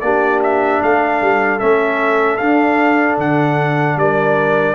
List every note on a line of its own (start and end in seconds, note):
0.00 0.80 A#3
0.00 1.60 D4
0.00 0.81 G4
0.00 0.39 D5
0.42 0.82 E5
0.81 1.21 A3
0.81 3.96 A4
0.81 1.59 F5
1.21 1.61 G3
1.59 2.39 A3
1.59 2.38 C#4
1.59 2.37 E5
2.37 3.17 D4
2.37 4.75 D4
2.37 3.16 F5
3.17 3.96 D3
3.17 3.98 F#5
3.96 4.75 G3
3.96 4.75 A#4
3.96 4.75 D5